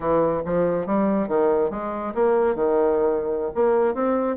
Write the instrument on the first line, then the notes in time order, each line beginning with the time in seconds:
bassoon
0.00 E3
0.45 F3
0.86 G3
1.27 D#3
1.70 G#3
2.14 A#3
2.55 D#3
3.55 A#3
3.94 C4